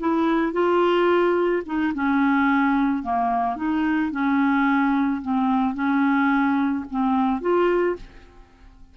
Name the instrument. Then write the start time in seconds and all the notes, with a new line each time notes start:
clarinet
0.00 E4
0.53 F4
1.66 D#4
1.94 C#4
3.03 A#3
3.57 D#4
4.12 C#4
5.22 C4
5.75 C#4
6.91 C4
7.41 F4